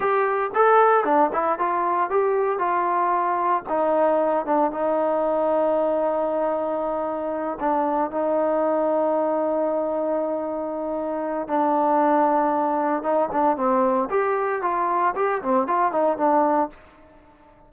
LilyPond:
\new Staff \with { instrumentName = "trombone" } { \time 4/4 \tempo 4 = 115 g'4 a'4 d'8 e'8 f'4 | g'4 f'2 dis'4~ | dis'8 d'8 dis'2.~ | dis'2~ dis'8 d'4 dis'8~ |
dis'1~ | dis'2 d'2~ | d'4 dis'8 d'8 c'4 g'4 | f'4 g'8 c'8 f'8 dis'8 d'4 | }